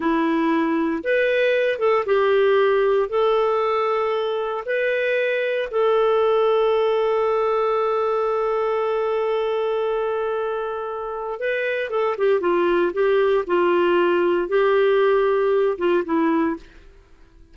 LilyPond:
\new Staff \with { instrumentName = "clarinet" } { \time 4/4 \tempo 4 = 116 e'2 b'4. a'8 | g'2 a'2~ | a'4 b'2 a'4~ | a'1~ |
a'1~ | a'2 b'4 a'8 g'8 | f'4 g'4 f'2 | g'2~ g'8 f'8 e'4 | }